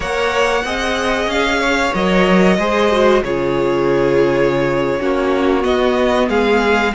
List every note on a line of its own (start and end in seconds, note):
0.00 0.64 A#3
0.00 0.62 A#4
0.00 0.65 C#5
0.00 1.29 F#5
0.64 1.26 C4
0.64 1.93 G#4
0.64 1.60 D#5
1.26 1.90 C#4
1.26 1.94 F5
1.60 2.56 C#5
1.93 2.57 F#3
1.93 2.57 A#4
1.93 3.23 D#5
2.57 3.22 G#3
2.57 2.91 G#4
2.57 3.23 C5
2.91 3.24 F#4
3.23 5.00 C#3
3.23 4.99 F4
3.23 5.00 G#4
3.23 5.64 C#5
4.99 5.64 A#3
4.99 5.61 C#4
4.99 6.28 F#4
5.61 6.90 B3
5.61 6.28 B3
5.61 6.28 D#5
6.28 6.93 G#3
6.28 6.93 G#4
6.28 6.94 F5